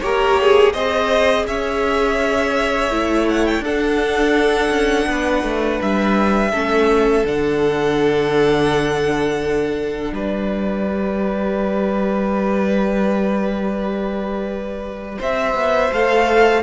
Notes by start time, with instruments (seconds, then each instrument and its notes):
0.00 cello A#3, viola G4, violin A#4 C#5
0.41 violin G#4
0.73 cello C4, viola G#4, violin C5 D#5
1.46 cello C#4, violin C#5 E5
2.91 cello A3, viola E4
3.28 violin F#5
3.45 violin G5
3.59 cello D4, viola D4, violin A4 F#5
4.69 cello C#4
5.06 cello B3, violin B4
5.42 cello A3
5.81 cello G3, violin E5
6.51 cello A3, viola C#4, violin A4
7.23 cello D3, viola D4, violin F#5
10.11 cello G3, violin B4 D5
10.86 viola G4
15.18 cello C4, violin C5 E5
15.54 cello B3
15.92 cello A3, viola A4, violin F5